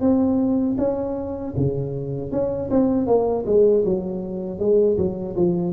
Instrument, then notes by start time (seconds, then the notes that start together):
tuba
0.00 C4
0.78 C#4
1.56 C#3
2.31 C#4
2.70 C4
3.07 A#3
3.46 G#3
3.84 F#3
4.59 G#3
4.97 F#3
5.35 F3